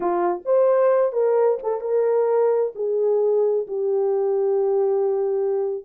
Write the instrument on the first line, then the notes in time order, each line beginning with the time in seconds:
horn
0.00 F4
0.45 C5
1.12 A#4
1.62 A4
1.80 A#4
2.75 G#4
3.67 G4